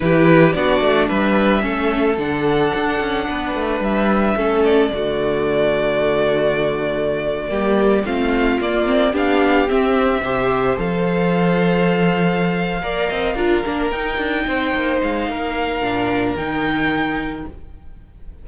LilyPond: <<
  \new Staff \with { instrumentName = "violin" } { \time 4/4 \tempo 4 = 110 b'4 d''4 e''2 | fis''2. e''4~ | e''8 d''2.~ d''8~ | d''2~ d''8. f''4 d''16~ |
d''8. f''4 e''2 f''16~ | f''1~ | f''4. g''2 f''8~ | f''2 g''2 | }
  \new Staff \with { instrumentName = "violin" } { \time 4/4 g'4 fis'4 b'4 a'4~ | a'2 b'2 | a'4 fis'2.~ | fis'4.~ fis'16 g'4 f'4~ f'16~ |
f'8. g'2 c''4~ c''16~ | c''2.~ c''8 d''8 | dis''8 ais'2 c''4. | ais'1 | }
  \new Staff \with { instrumentName = "viola" } { \time 4/4 e'4 d'2 cis'4 | d'1 | cis'4 a2.~ | a4.~ a16 ais4 c'4 ais16~ |
ais16 c'8 d'4 c'4 g'4 a'16~ | a'2.~ a'8 ais'8~ | ais'8 f'8 d'8 dis'2~ dis'8~ | dis'4 d'4 dis'2 | }
  \new Staff \with { instrumentName = "cello" } { \time 4/4 e4 b8 a8 g4 a4 | d4 d'8 cis'8 b8 a8 g4 | a4 d2.~ | d4.~ d16 g4 a4 ais16~ |
ais8. b4 c'4 c4 f16~ | f2.~ f8 ais8 | c'8 d'8 ais8 dis'8 d'8 c'8 ais8 gis8 | ais4 ais,4 dis2 | }
>>